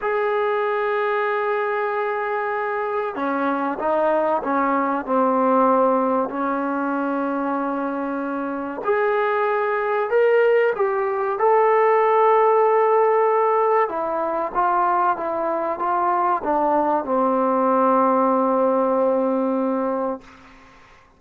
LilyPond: \new Staff \with { instrumentName = "trombone" } { \time 4/4 \tempo 4 = 95 gis'1~ | gis'4 cis'4 dis'4 cis'4 | c'2 cis'2~ | cis'2 gis'2 |
ais'4 g'4 a'2~ | a'2 e'4 f'4 | e'4 f'4 d'4 c'4~ | c'1 | }